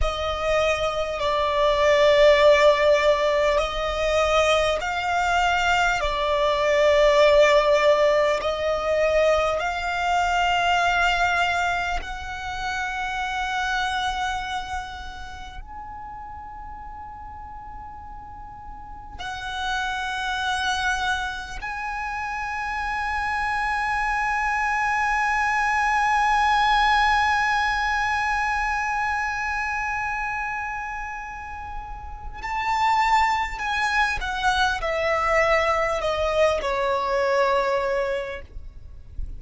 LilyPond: \new Staff \with { instrumentName = "violin" } { \time 4/4 \tempo 4 = 50 dis''4 d''2 dis''4 | f''4 d''2 dis''4 | f''2 fis''2~ | fis''4 gis''2. |
fis''2 gis''2~ | gis''1~ | gis''2. a''4 | gis''8 fis''8 e''4 dis''8 cis''4. | }